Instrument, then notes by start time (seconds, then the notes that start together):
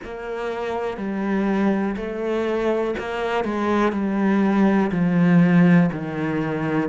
cello
0.04 A#3
0.97 G3
1.96 A3
2.99 A#3
3.44 G#3
3.92 G3
4.91 F3
5.92 D#3